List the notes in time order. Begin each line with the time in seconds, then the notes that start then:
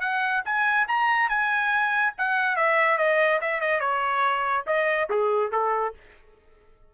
0.00 F#5
0.45 G#5
0.87 A#5
1.28 G#5
2.17 F#5
2.56 E5
2.97 D#5
3.41 E5
3.60 D#5
3.80 C#5
4.66 D#5
5.09 G#4
5.51 A4